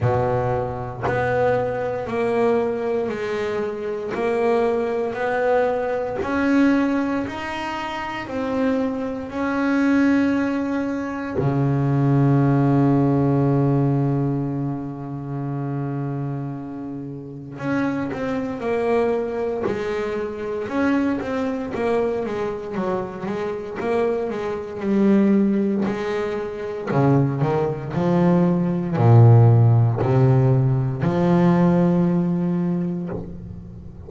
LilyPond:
\new Staff \with { instrumentName = "double bass" } { \time 4/4 \tempo 4 = 58 b,4 b4 ais4 gis4 | ais4 b4 cis'4 dis'4 | c'4 cis'2 cis4~ | cis1~ |
cis4 cis'8 c'8 ais4 gis4 | cis'8 c'8 ais8 gis8 fis8 gis8 ais8 gis8 | g4 gis4 cis8 dis8 f4 | ais,4 c4 f2 | }